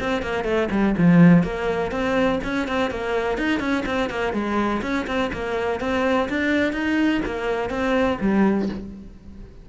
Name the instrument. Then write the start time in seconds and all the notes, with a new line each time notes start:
cello
0.00 C4
0.22 A#3
0.44 A3
0.71 G3
0.98 F3
1.43 A#3
1.91 C4
2.44 C#4
2.67 C4
2.90 A#3
3.38 D#4
3.60 C#4
3.86 C4
4.10 A#3
4.33 G#3
4.82 C#4
5.07 C4
5.33 A#3
5.80 C4
6.29 D4
6.72 D#4
7.25 A#3
7.70 C4
8.20 G3